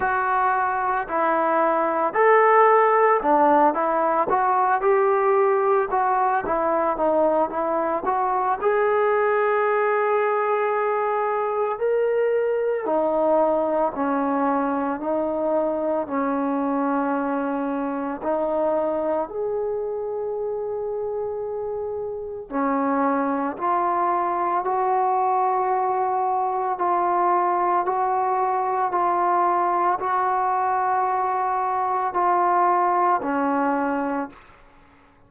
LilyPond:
\new Staff \with { instrumentName = "trombone" } { \time 4/4 \tempo 4 = 56 fis'4 e'4 a'4 d'8 e'8 | fis'8 g'4 fis'8 e'8 dis'8 e'8 fis'8 | gis'2. ais'4 | dis'4 cis'4 dis'4 cis'4~ |
cis'4 dis'4 gis'2~ | gis'4 cis'4 f'4 fis'4~ | fis'4 f'4 fis'4 f'4 | fis'2 f'4 cis'4 | }